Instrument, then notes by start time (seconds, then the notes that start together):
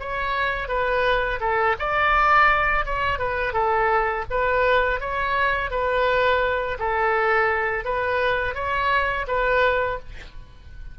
oboe
0.00 C#5
0.68 B4
1.40 A4
1.79 D5
2.86 C#5
3.19 B4
3.53 A4
4.31 B4
5.00 C#5
5.71 B4
6.79 A4
7.85 B4
8.55 C#5
9.28 B4